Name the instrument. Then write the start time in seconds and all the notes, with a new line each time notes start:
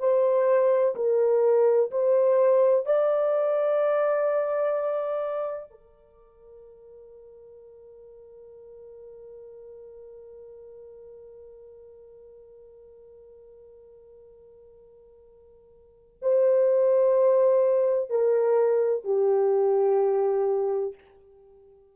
horn
0.00 C5
0.96 A#4
1.91 C5
2.86 D5
5.71 A#4
16.22 C5
18.10 A#4
19.04 G4